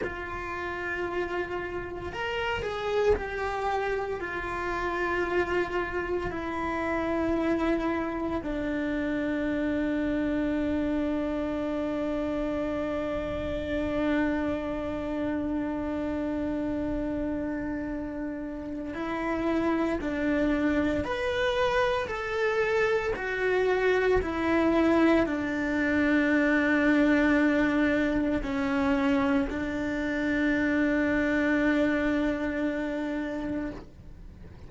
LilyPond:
\new Staff \with { instrumentName = "cello" } { \time 4/4 \tempo 4 = 57 f'2 ais'8 gis'8 g'4 | f'2 e'2 | d'1~ | d'1~ |
d'2 e'4 d'4 | b'4 a'4 fis'4 e'4 | d'2. cis'4 | d'1 | }